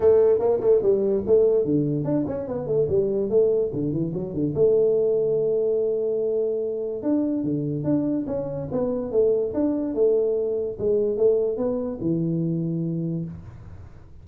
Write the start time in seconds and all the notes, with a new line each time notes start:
0.00 A3
0.39 A#3
0.60 A3
0.82 G3
1.26 A3
1.65 D3
2.04 D4
2.27 C#4
2.47 B3
2.66 A3
2.88 G3
3.29 A3
3.73 D3
3.92 E3
4.14 F#3
4.33 D3
4.54 A3
7.03 D4
7.43 D3
7.84 D4
8.27 C#4
8.71 B3
9.11 A3
9.54 D4
9.94 A3
10.78 G#3
11.17 A3
11.57 B3
12.00 E3